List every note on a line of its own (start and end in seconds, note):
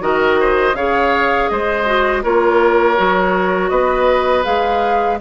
0.00 0.73 D#3
0.00 0.74 F#4
0.00 0.40 A#4
0.00 0.75 D#5
0.40 0.77 C5
0.73 1.47 C#3
0.73 1.86 G#4
0.73 1.51 C#5
0.73 1.49 F5
1.49 2.24 G#3
1.49 2.23 C5
1.49 2.23 D#5
1.86 2.23 F#4
2.23 2.98 A#3
2.23 2.96 F4
2.23 3.71 A#4
2.23 3.69 C#5
2.96 3.71 F#3
2.96 4.44 F#4
3.69 4.45 B3
3.69 5.19 B4
3.69 4.43 D#5
4.44 5.20 G#3
4.44 5.18 G#4
4.44 5.18 F5